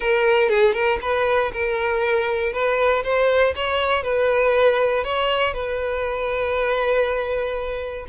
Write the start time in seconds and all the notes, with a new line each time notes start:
0.00 A#4
0.49 G#4
0.73 A#4
1.01 B4
1.52 A#4
2.52 B4
3.03 C5
3.55 C#5
4.03 B4
5.04 C#5
5.53 B4